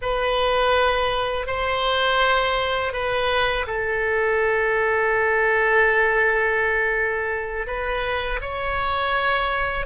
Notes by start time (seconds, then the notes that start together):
0.01 B4
1.46 C5
2.93 B4
3.66 A4
7.66 B4
8.41 C#5